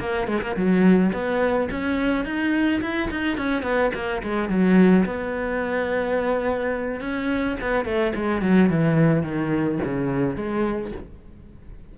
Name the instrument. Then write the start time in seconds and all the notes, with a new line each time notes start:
cello
0.00 A#3
0.27 G#3
0.42 A#3
0.56 F#3
1.13 B3
1.71 C#4
2.25 D#4
2.81 E4
3.10 D#4
3.37 C#4
3.62 B3
3.94 A#3
4.23 G#3
4.49 F#3
5.05 B3
7.00 C#4
7.61 B3
7.85 A3
8.15 G#3
8.42 F#3
8.69 E3
9.23 D#3
9.84 C#3
10.36 G#3